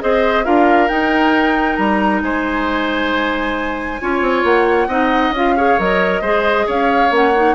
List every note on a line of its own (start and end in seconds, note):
0.00 0.45 C4
0.00 0.44 G#4
0.00 0.45 C5
0.00 0.44 D#5
0.44 0.89 D4
0.44 0.88 F4
0.44 2.22 A#4
0.44 0.88 F5
0.88 3.99 D#4
0.88 1.78 D#4
0.88 1.76 G5
1.76 2.22 G3
1.76 2.20 A#5
2.22 4.00 G#3
2.22 4.01 C5
2.22 4.44 G#5
4.00 4.21 C#4
4.00 4.89 F4
4.00 4.88 C#5
4.21 4.43 C4
4.43 4.87 A#3
4.43 5.33 F#5
4.87 5.31 C4
4.87 5.33 D#4
4.87 5.54 D#5
5.31 5.75 C#4
5.31 5.57 F4
5.31 5.79 F5
5.57 5.79 G#4
5.57 6.21 C#5
5.78 6.21 F#3
5.78 6.23 A#4
5.78 6.68 D#5
6.21 6.65 G#3
6.21 7.10 G#4
6.21 6.65 C5
6.66 7.10 C#4
6.66 7.54 C#5
6.66 7.14 F5
7.10 7.54 A#3
7.10 7.32 C#4
7.10 7.54 F#5
7.35 7.54 D#4